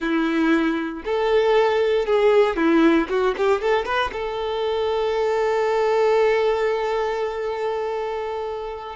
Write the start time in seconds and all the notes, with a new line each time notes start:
0.00 E4
1.04 A4
2.06 G#4
2.56 E4
3.09 F#4
3.37 G4
3.61 A4
3.85 B4
4.12 A4